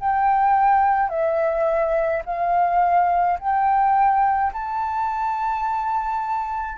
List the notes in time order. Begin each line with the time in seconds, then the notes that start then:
0.00 G5
1.09 E5
2.25 F5
3.39 G5
4.52 A5